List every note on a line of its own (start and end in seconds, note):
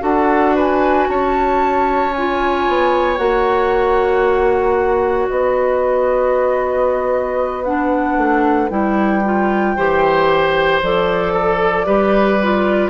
0.00 1.07 D4
0.00 2.11 F#4
0.00 0.55 A4
0.00 0.55 F#5
0.55 1.07 B4
0.55 1.09 G#5
1.08 2.66 C#4
1.08 5.29 C#5
1.08 2.13 A5
2.13 3.17 F4
2.13 3.17 G#5
2.68 3.18 B3
3.17 5.29 A#3
3.17 7.64 F#4
3.17 5.28 F#5
5.29 8.17 B3
5.29 9.76 B4
5.29 7.64 D#5
7.64 8.69 D4
7.64 8.69 F#5
8.17 8.70 A3
8.69 9.75 G3
8.69 9.22 E4
8.69 10.80 G5
9.24 9.77 F4
9.76 10.81 E3
9.76 10.82 G4
9.76 11.32 C5
10.82 11.86 F3
10.82 11.85 A4
10.82 12.90 D5
11.32 11.85 A4
11.85 12.90 G3
11.85 12.38 G4
11.85 12.90 B4
12.42 12.90 F4